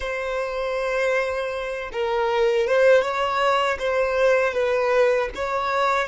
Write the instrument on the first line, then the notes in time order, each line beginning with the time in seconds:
violin
0.00 C5
1.92 A#4
2.67 C5
3.02 C#5
3.78 C5
4.53 B4
5.35 C#5